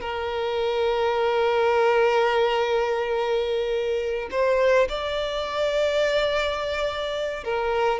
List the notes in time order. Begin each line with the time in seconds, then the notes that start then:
0.00 A#4
4.31 C5
4.89 D5
7.44 A#4